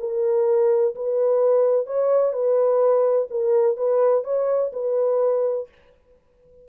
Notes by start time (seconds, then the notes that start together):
0.00 A#4
0.96 B4
1.87 C#5
2.33 B4
3.31 A#4
3.77 B4
4.24 C#5
4.73 B4